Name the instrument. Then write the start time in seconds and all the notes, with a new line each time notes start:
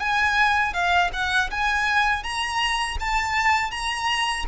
violin
0.00 G#5
0.73 F5
1.13 F#5
1.51 G#5
2.23 A#5
3.00 A5
3.71 A#5